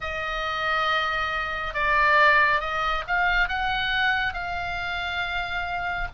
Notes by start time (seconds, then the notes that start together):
0.00 D#5
1.74 D5
2.60 D#5
3.07 F5
3.48 F#5
4.33 F5